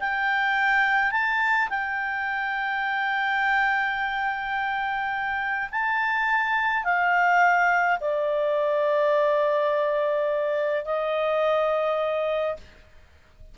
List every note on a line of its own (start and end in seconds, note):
0.00 1.12 G5
1.12 1.69 A5
1.70 5.70 G5
5.72 6.85 A5
6.85 7.99 F5
8.01 10.85 D5
10.85 12.57 D#5